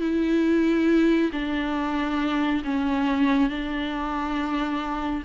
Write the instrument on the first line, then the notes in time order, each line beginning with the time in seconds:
viola
0.00 E4
1.32 D4
2.64 C#4
3.49 D4